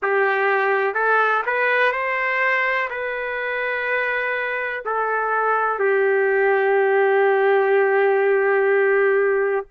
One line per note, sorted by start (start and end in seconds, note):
0.02 0.94 G4
0.94 1.43 A4
1.46 1.91 B4
1.91 2.88 C5
2.89 4.83 B4
4.85 5.78 A4
5.78 9.66 G4